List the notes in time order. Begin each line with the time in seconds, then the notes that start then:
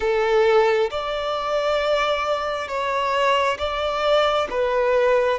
0.00 A4
0.90 D5
2.68 C#5
3.58 D5
4.49 B4